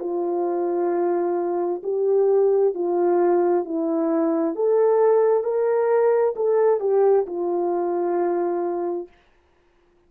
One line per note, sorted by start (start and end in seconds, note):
0.00 1.82 F4
1.83 2.74 G4
2.74 3.65 F4
3.65 4.55 E4
4.55 5.43 A4
5.43 6.34 A#4
6.36 6.80 A4
6.80 7.26 G4
7.26 9.08 F4